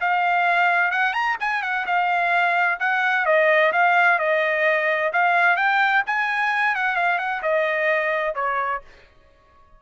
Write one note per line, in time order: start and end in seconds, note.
0.00 0.91 F5
0.91 1.13 F#5
1.13 1.36 A#5
1.40 1.62 G#5
1.62 1.85 F#5
1.86 2.79 F5
2.79 3.25 F#5
3.25 3.72 D#5
3.72 4.18 F5
4.18 5.11 D#5
5.12 5.56 F5
5.56 6.03 G5
6.06 6.75 G#5
6.75 6.96 F#5
6.96 7.18 F5
7.18 7.41 F#5
7.42 8.35 D#5
8.35 8.81 C#5